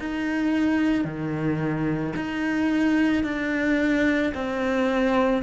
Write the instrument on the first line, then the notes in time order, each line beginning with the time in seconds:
cello
0.00 D#4
1.05 D#3
2.17 D#4
3.24 D4
4.35 C4